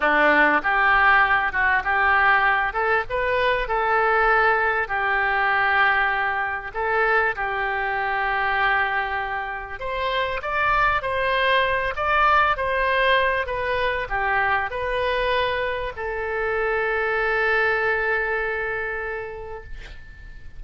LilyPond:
\new Staff \with { instrumentName = "oboe" } { \time 4/4 \tempo 4 = 98 d'4 g'4. fis'8 g'4~ | g'8 a'8 b'4 a'2 | g'2. a'4 | g'1 |
c''4 d''4 c''4. d''8~ | d''8 c''4. b'4 g'4 | b'2 a'2~ | a'1 | }